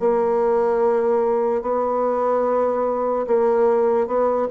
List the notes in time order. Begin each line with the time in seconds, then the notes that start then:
0.00 A#3
1.62 B3
3.28 A#3
4.07 B3